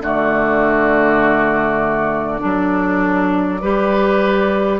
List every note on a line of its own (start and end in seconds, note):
0.00 2.40 D3
0.00 2.39 A3
0.00 2.41 F#4
0.00 4.79 D5
2.39 3.62 F#3
2.39 3.59 D4
2.39 3.60 A4
3.60 4.79 G3
3.60 4.79 G4
3.60 4.79 B4